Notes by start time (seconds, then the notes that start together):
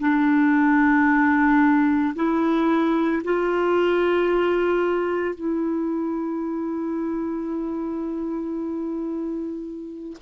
0.00 D4
2.15 E4
3.24 F4
5.35 E4